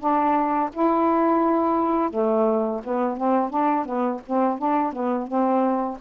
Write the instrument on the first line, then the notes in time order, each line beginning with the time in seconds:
saxophone
0.00 D4
0.73 E4
2.11 A3
2.84 B3
3.18 C4
3.50 D4
3.86 B3
4.27 C4
4.59 D4
4.93 B3
5.28 C4